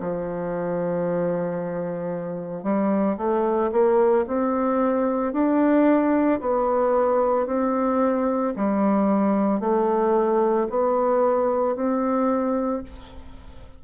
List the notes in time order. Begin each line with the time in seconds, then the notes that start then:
0.00 F3
2.63 G3
3.17 A3
3.72 A#3
4.27 C4
5.33 D4
6.40 B3
7.47 C4
8.56 G3
9.60 A3
10.69 B3
11.76 C4